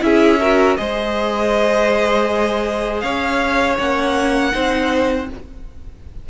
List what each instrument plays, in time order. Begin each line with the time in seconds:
0.00 cello C#4, viola E4, violin G#4 E5
0.40 viola F#4, violin A#4
0.76 cello G#3, viola G#4, violin C5 D#5
3.00 cello C#4, violin C#5 F5
3.77 cello A#3, viola C#4, violin F#5
4.52 cello C4, viola D#4, violin C5